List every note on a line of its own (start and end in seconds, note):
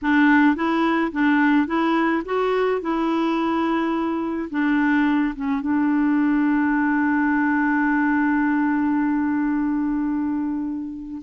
0.02 0.55 D4
0.55 1.11 E4
1.12 1.66 D4
1.66 2.22 E4
2.25 2.81 F#4
2.81 4.49 E4
4.50 5.34 D4
5.35 5.61 C#4
5.61 11.21 D4